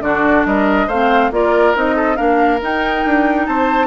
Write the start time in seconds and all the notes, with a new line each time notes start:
0.00 D3 D4 F#4 D5
0.45 G3 A#4 D#5
0.87 A3 C4 C5 F5
1.31 A#3 F4 A#4 D5
1.74 C4 D#4 D#5
1.96 A4
2.16 A#3 D4 A#4 F5
2.61 D#4 G5
3.05 D4
3.46 C4 C5 A5